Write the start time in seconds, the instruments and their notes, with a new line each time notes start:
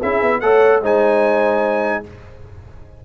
0.00 tuba C#4, trombone E4, horn G#4, trumpet E5
0.22 tuba B3
0.40 tuba A3, trombone A4, horn C#5, trumpet F#5
0.82 tuba G#3, trombone D#4, horn C5, trumpet G#5